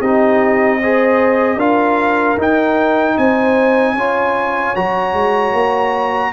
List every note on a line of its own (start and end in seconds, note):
0.00 1.56 C4
0.00 0.81 D#4
0.00 0.79 G4
0.00 1.59 D#5
0.81 1.59 G#4
0.81 1.57 C5
1.56 2.35 D4
1.56 2.37 F4
1.56 3.14 A#4
1.56 2.38 F5
2.37 3.16 D#4
2.37 3.97 D#4
2.37 3.17 G5
3.17 3.93 C4
3.17 3.93 C5
3.17 4.75 G#5
3.93 4.72 C#4
3.93 6.29 C#5
3.99 4.75 F4
4.75 5.13 F#3
4.75 6.33 F#4
4.75 6.33 A#5
5.13 5.52 G#3
5.52 6.31 A#3